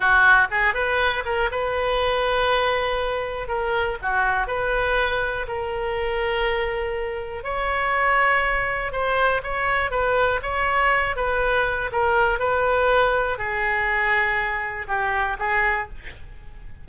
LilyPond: \new Staff \with { instrumentName = "oboe" } { \time 4/4 \tempo 4 = 121 fis'4 gis'8 b'4 ais'8 b'4~ | b'2. ais'4 | fis'4 b'2 ais'4~ | ais'2. cis''4~ |
cis''2 c''4 cis''4 | b'4 cis''4. b'4. | ais'4 b'2 gis'4~ | gis'2 g'4 gis'4 | }